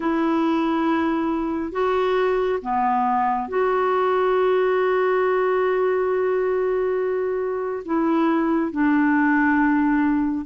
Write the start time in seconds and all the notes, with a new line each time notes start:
0.00 E4
1.72 F#4
2.61 B3
3.48 F#4
7.85 E4
8.72 D4